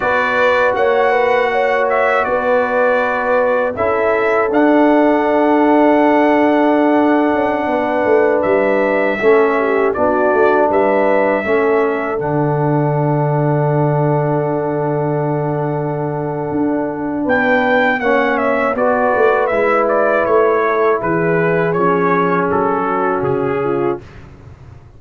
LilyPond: <<
  \new Staff \with { instrumentName = "trumpet" } { \time 4/4 \tempo 4 = 80 d''4 fis''4. e''8 d''4~ | d''4 e''4 fis''2~ | fis''2.~ fis''16 e''8.~ | e''4~ e''16 d''4 e''4.~ e''16~ |
e''16 fis''2.~ fis''8.~ | fis''2. g''4 | fis''8 e''8 d''4 e''8 d''8 cis''4 | b'4 cis''4 a'4 gis'4 | }
  \new Staff \with { instrumentName = "horn" } { \time 4/4 b'4 cis''8 b'8 cis''4 b'4~ | b'4 a'2.~ | a'2~ a'16 b'4.~ b'16~ | b'16 a'8 g'8 fis'4 b'4 a'8.~ |
a'1~ | a'2. b'4 | cis''4 b'2~ b'8 a'8 | gis'2~ gis'8 fis'4 f'8 | }
  \new Staff \with { instrumentName = "trombone" } { \time 4/4 fis'1~ | fis'4 e'4 d'2~ | d'1~ | d'16 cis'4 d'2 cis'8.~ |
cis'16 d'2.~ d'8.~ | d'1 | cis'4 fis'4 e'2~ | e'4 cis'2. | }
  \new Staff \with { instrumentName = "tuba" } { \time 4/4 b4 ais2 b4~ | b4 cis'4 d'2~ | d'4.~ d'16 cis'8 b8 a8 g8.~ | g16 a4 b8 a8 g4 a8.~ |
a16 d2.~ d8.~ | d2 d'4 b4 | ais4 b8 a8 gis4 a4 | e4 f4 fis4 cis4 | }
>>